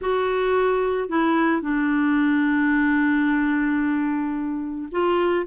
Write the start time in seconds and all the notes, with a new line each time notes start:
0.01 F#4
1.08 E4
1.61 D4
4.91 F4